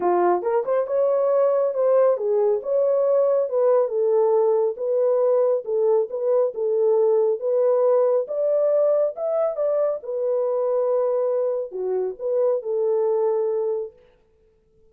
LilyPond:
\new Staff \with { instrumentName = "horn" } { \time 4/4 \tempo 4 = 138 f'4 ais'8 c''8 cis''2 | c''4 gis'4 cis''2 | b'4 a'2 b'4~ | b'4 a'4 b'4 a'4~ |
a'4 b'2 d''4~ | d''4 e''4 d''4 b'4~ | b'2. fis'4 | b'4 a'2. | }